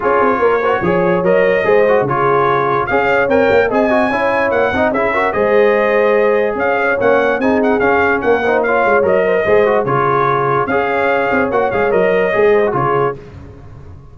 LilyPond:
<<
  \new Staff \with { instrumentName = "trumpet" } { \time 4/4 \tempo 4 = 146 cis''2. dis''4~ | dis''4 cis''2 f''4 | g''4 gis''2 fis''4 | e''4 dis''2. |
f''4 fis''4 gis''8 fis''8 f''4 | fis''4 f''4 dis''2 | cis''2 f''2 | fis''8 f''8 dis''2 cis''4 | }
  \new Staff \with { instrumentName = "horn" } { \time 4/4 gis'4 ais'8 c''8 cis''2 | c''4 gis'2 cis''4~ | cis''4 dis''4 cis''4. dis''8 | gis'8 ais'8 c''2. |
cis''2 gis'2 | ais'8 c''8 cis''4. c''16 ais'16 c''4 | gis'2 cis''2~ | cis''2~ cis''8 c''8 gis'4 | }
  \new Staff \with { instrumentName = "trombone" } { \time 4/4 f'4. fis'8 gis'4 ais'4 | gis'8 fis'8 f'2 gis'4 | ais'4 gis'8 fis'8 e'4. dis'8 | e'8 fis'8 gis'2.~ |
gis'4 cis'4 dis'4 cis'4~ | cis'8 dis'8 f'4 ais'4 gis'8 fis'8 | f'2 gis'2 | fis'8 gis'8 ais'4 gis'8. fis'16 f'4 | }
  \new Staff \with { instrumentName = "tuba" } { \time 4/4 cis'8 c'8 ais4 f4 fis4 | gis4 cis2 cis'4 | c'8 ais8 c'4 cis'4 ais8 c'8 | cis'4 gis2. |
cis'4 ais4 c'4 cis'4 | ais4. gis8 fis4 gis4 | cis2 cis'4. c'8 | ais8 gis8 fis4 gis4 cis4 | }
>>